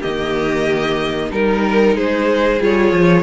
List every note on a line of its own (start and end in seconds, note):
0.00 1.31 D#3
0.00 1.31 A#3
0.00 1.29 G4
0.00 1.31 D#5
1.31 1.96 G3
1.31 2.60 D#4
1.31 1.96 A#4
1.31 1.97 A#4
1.96 2.60 G#3
1.96 3.23 G#4
1.96 2.62 C5
2.61 2.93 G3
2.61 3.23 F4
2.61 3.23 C#5
2.93 3.23 F3